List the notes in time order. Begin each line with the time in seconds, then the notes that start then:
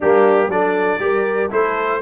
0.00 G3 A#3 D4 G4
0.48 F#3 D4 A4 D5
0.99 G3 G4 A#4
1.50 A3 E4 A4 C5